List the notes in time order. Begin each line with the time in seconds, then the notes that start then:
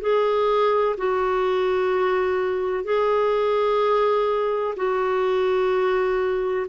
0.00 G#4
0.97 F#4
2.84 G#4
4.76 F#4